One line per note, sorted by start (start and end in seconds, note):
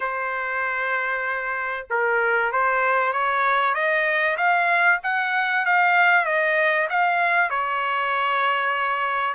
0.00 1.87 C5
1.89 2.51 A#4
2.51 3.12 C5
3.12 3.74 C#5
3.74 4.36 D#5
4.37 4.99 F5
5.03 5.65 F#5
5.65 6.25 F5
6.25 6.88 D#5
6.89 7.49 F5
7.49 9.34 C#5